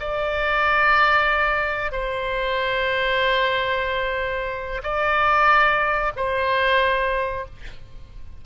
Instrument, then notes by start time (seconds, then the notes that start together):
oboe
0.00 D5
1.92 C5
4.83 D5
6.16 C5